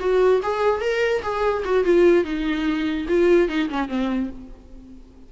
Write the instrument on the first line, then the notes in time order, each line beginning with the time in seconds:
viola
0.00 F#4
0.43 G#4
0.81 A#4
1.23 G#4
1.65 F#4
1.85 F4
2.25 D#4
3.09 F4
3.49 D#4
3.70 C#4
3.89 C4